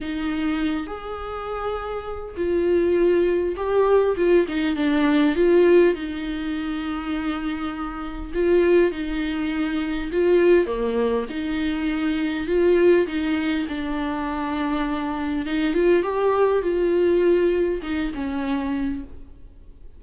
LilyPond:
\new Staff \with { instrumentName = "viola" } { \time 4/4 \tempo 4 = 101 dis'4. gis'2~ gis'8 | f'2 g'4 f'8 dis'8 | d'4 f'4 dis'2~ | dis'2 f'4 dis'4~ |
dis'4 f'4 ais4 dis'4~ | dis'4 f'4 dis'4 d'4~ | d'2 dis'8 f'8 g'4 | f'2 dis'8 cis'4. | }